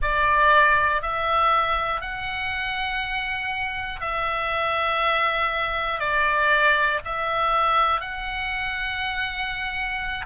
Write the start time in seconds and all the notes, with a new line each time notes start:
0.01 D5
1.02 E5
2.01 F#5
4.00 E5
5.99 D5
7.05 E5
8.00 F#5